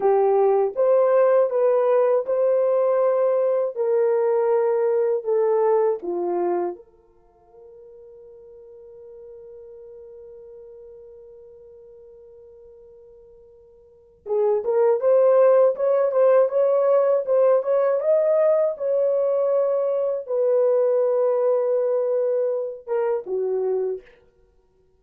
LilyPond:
\new Staff \with { instrumentName = "horn" } { \time 4/4 \tempo 4 = 80 g'4 c''4 b'4 c''4~ | c''4 ais'2 a'4 | f'4 ais'2.~ | ais'1~ |
ais'2. gis'8 ais'8 | c''4 cis''8 c''8 cis''4 c''8 cis''8 | dis''4 cis''2 b'4~ | b'2~ b'8 ais'8 fis'4 | }